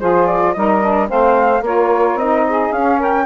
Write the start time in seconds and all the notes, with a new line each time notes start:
0.00 F3 F4 G#4 C5
0.27 D5
0.54 G3 D#4 A#4 D#5
0.82 D4
1.08 A3 C4 C5 F5
1.62 A#3 F4 A#4 C#5
2.15 C4 D#4 D#5
2.49 G#4
2.73 C#4 F5
2.99 A#4 G5